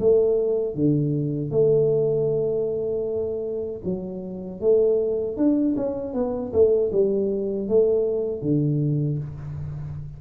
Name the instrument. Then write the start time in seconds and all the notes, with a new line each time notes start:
tuba
0.00 A3
0.76 D3
1.51 A3
3.85 F#3
4.61 A3
5.37 D4
5.77 C#4
6.14 B3
6.53 A3
6.92 G3
7.69 A3
8.42 D3